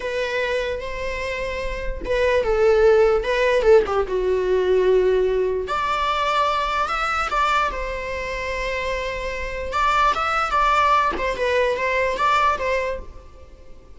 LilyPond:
\new Staff \with { instrumentName = "viola" } { \time 4/4 \tempo 4 = 148 b'2 c''2~ | c''4 b'4 a'2 | b'4 a'8 g'8 fis'2~ | fis'2 d''2~ |
d''4 e''4 d''4 c''4~ | c''1 | d''4 e''4 d''4. c''8 | b'4 c''4 d''4 c''4 | }